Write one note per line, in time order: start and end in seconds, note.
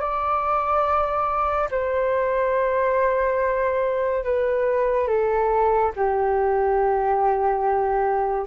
0.00 1.69 D5
1.71 4.24 C5
4.24 5.07 B4
5.07 5.92 A4
5.96 8.46 G4